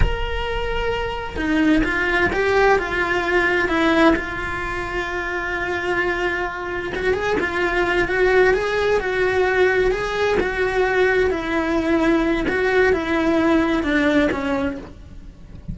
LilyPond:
\new Staff \with { instrumentName = "cello" } { \time 4/4 \tempo 4 = 130 ais'2. dis'4 | f'4 g'4 f'2 | e'4 f'2.~ | f'2. fis'8 gis'8 |
f'4. fis'4 gis'4 fis'8~ | fis'4. gis'4 fis'4.~ | fis'8 e'2~ e'8 fis'4 | e'2 d'4 cis'4 | }